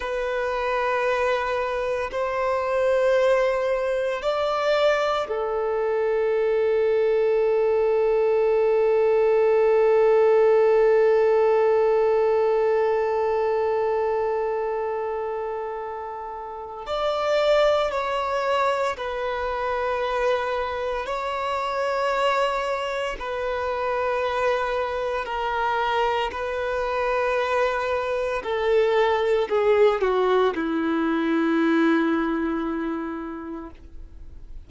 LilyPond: \new Staff \with { instrumentName = "violin" } { \time 4/4 \tempo 4 = 57 b'2 c''2 | d''4 a'2.~ | a'1~ | a'1 |
d''4 cis''4 b'2 | cis''2 b'2 | ais'4 b'2 a'4 | gis'8 fis'8 e'2. | }